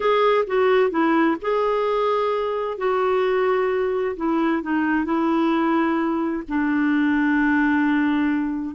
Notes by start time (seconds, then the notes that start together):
0.00 G#4
0.46 F#4
0.90 E4
1.41 G#4
2.77 F#4
4.16 E4
4.62 D#4
5.05 E4
6.48 D4